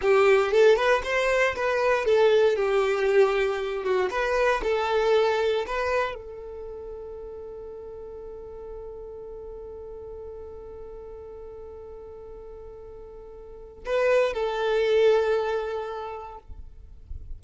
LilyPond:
\new Staff \with { instrumentName = "violin" } { \time 4/4 \tempo 4 = 117 g'4 a'8 b'8 c''4 b'4 | a'4 g'2~ g'8 fis'8 | b'4 a'2 b'4 | a'1~ |
a'1~ | a'1~ | a'2. b'4 | a'1 | }